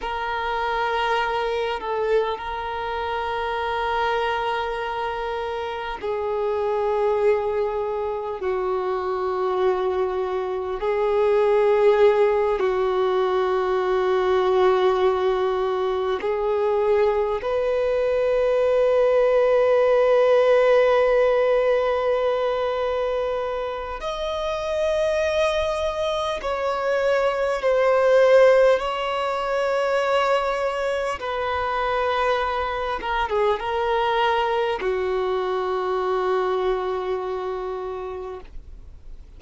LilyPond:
\new Staff \with { instrumentName = "violin" } { \time 4/4 \tempo 4 = 50 ais'4. a'8 ais'2~ | ais'4 gis'2 fis'4~ | fis'4 gis'4. fis'4.~ | fis'4. gis'4 b'4.~ |
b'1 | dis''2 cis''4 c''4 | cis''2 b'4. ais'16 gis'16 | ais'4 fis'2. | }